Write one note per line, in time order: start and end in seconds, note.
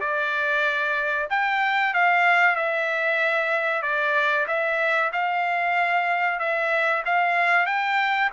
0.00 1.28 D5
1.29 1.93 G5
1.93 2.55 F5
2.55 3.82 E5
3.82 4.46 D5
4.47 5.11 E5
5.12 6.39 F5
6.39 7.03 E5
7.05 7.66 F5
7.66 8.30 G5